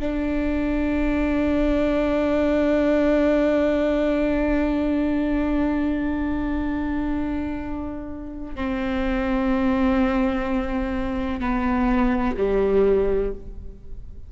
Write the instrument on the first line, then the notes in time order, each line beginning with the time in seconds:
viola
0.00 D4
8.55 C4
11.41 B3
12.37 G3